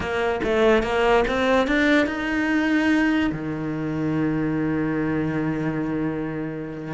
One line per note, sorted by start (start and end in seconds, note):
0.00 0.40 A#3
0.43 0.83 A3
0.83 1.24 A#3
1.27 1.67 C4
1.67 2.06 D4
2.06 3.30 D#4
3.31 6.93 D#3